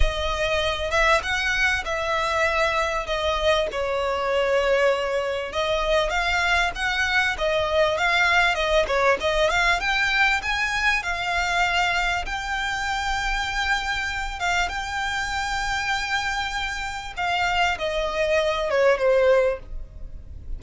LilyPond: \new Staff \with { instrumentName = "violin" } { \time 4/4 \tempo 4 = 98 dis''4. e''8 fis''4 e''4~ | e''4 dis''4 cis''2~ | cis''4 dis''4 f''4 fis''4 | dis''4 f''4 dis''8 cis''8 dis''8 f''8 |
g''4 gis''4 f''2 | g''2.~ g''8 f''8 | g''1 | f''4 dis''4. cis''8 c''4 | }